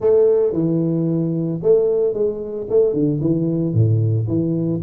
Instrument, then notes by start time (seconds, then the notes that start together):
tuba
0.00 A3
0.53 E3
1.62 A3
2.13 G#3
2.69 A3
2.93 D3
3.20 E3
3.73 A2
4.27 E3